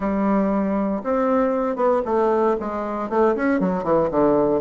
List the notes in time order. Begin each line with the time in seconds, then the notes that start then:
0.00 G3
1.03 C4
1.76 B3
2.05 A3
2.59 G#3
3.09 A3
3.35 C#4
3.59 F#3
3.83 E3
4.10 D3